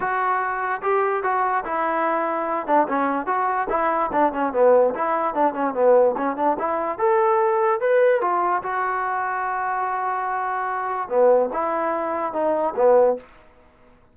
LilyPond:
\new Staff \with { instrumentName = "trombone" } { \time 4/4 \tempo 4 = 146 fis'2 g'4 fis'4 | e'2~ e'8 d'8 cis'4 | fis'4 e'4 d'8 cis'8 b4 | e'4 d'8 cis'8 b4 cis'8 d'8 |
e'4 a'2 b'4 | f'4 fis'2.~ | fis'2. b4 | e'2 dis'4 b4 | }